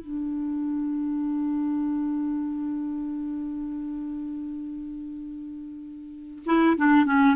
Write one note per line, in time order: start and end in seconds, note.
0.00 6.43 D4
6.46 6.76 E4
6.77 7.05 D4
7.05 7.36 C#4